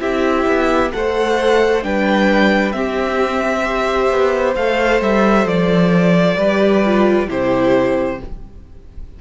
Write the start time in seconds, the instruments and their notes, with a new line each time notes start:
0.00 cello C4, viola E4, violin G4 E5
0.47 cello B3
0.93 cello A3, viola A4, violin C5 F#5
1.83 cello G3, viola D4, violin B4 G5
2.73 cello C4, viola C4, violin G4 E5
3.65 viola G4, violin C5
4.11 cello B3
4.56 cello A3, viola A4, violin F5
5.02 cello G3, violin E5
5.46 cello F3, violin D5
6.37 cello G3, viola G4, violin B4
6.86 viola F4
7.28 cello C3, viola E4, violin G4 C5